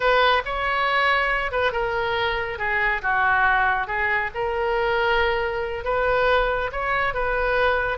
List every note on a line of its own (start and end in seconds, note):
0.00 0.42 B4
0.45 1.51 C#5
1.51 1.72 B4
1.72 2.58 A#4
2.58 3.01 G#4
3.02 3.87 F#4
3.87 4.30 G#4
4.34 5.84 A#4
5.84 6.70 B4
6.71 7.14 C#5
7.14 7.98 B4